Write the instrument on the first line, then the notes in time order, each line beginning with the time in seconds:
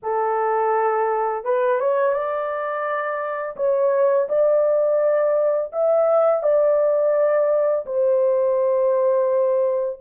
horn
0.02 A4
1.44 B4
1.80 C#5
2.13 D5
3.56 C#5
4.29 D5
5.72 E5
6.43 D5
7.85 C5